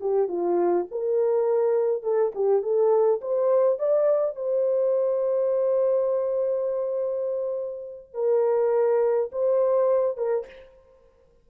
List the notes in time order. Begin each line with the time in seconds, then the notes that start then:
0.00 G4
0.28 F4
0.91 A#4
2.03 A4
2.34 G4
2.62 A4
3.21 C5
3.79 D5
4.35 C5
8.14 A#4
9.32 C5
10.17 A#4